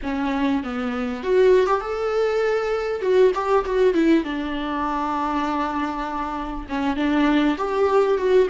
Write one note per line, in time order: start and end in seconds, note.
0.02 0.63 C#4
0.63 1.23 B3
1.23 1.66 F#4
1.66 1.80 G4
1.80 3.01 A4
3.01 3.32 F#4
3.34 3.64 G4
3.65 3.94 F#4
3.94 4.24 E4
4.24 6.66 D4
6.69 6.96 C#4
6.96 7.56 D4
7.57 8.17 G4
8.17 8.47 F#4